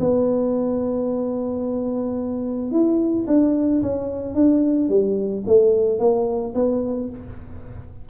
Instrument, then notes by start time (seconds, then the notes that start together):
tuba
0.00 B3
2.71 E4
3.27 D4
3.82 C#4
4.35 D4
4.89 G3
5.47 A3
6.00 A#3
6.55 B3